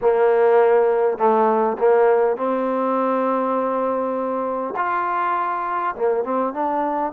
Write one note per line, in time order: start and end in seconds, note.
0.01 1.17 A#3
1.17 1.77 A3
1.78 2.36 A#3
2.36 4.74 C4
4.76 5.95 F4
5.95 6.24 A#3
6.24 6.53 C4
6.53 7.12 D4